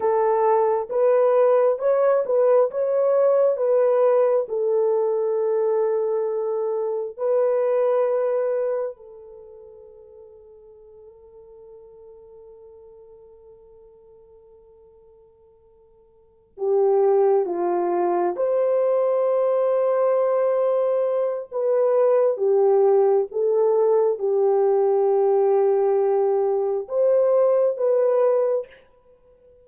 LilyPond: \new Staff \with { instrumentName = "horn" } { \time 4/4 \tempo 4 = 67 a'4 b'4 cis''8 b'8 cis''4 | b'4 a'2. | b'2 a'2~ | a'1~ |
a'2~ a'8 g'4 f'8~ | f'8 c''2.~ c''8 | b'4 g'4 a'4 g'4~ | g'2 c''4 b'4 | }